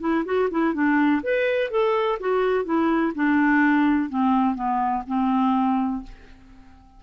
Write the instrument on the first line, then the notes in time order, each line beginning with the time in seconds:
clarinet
0.00 E4
0.25 F#4
0.50 E4
0.74 D4
1.23 B4
1.71 A4
2.20 F#4
2.64 E4
3.15 D4
4.09 C4
4.55 B3
5.07 C4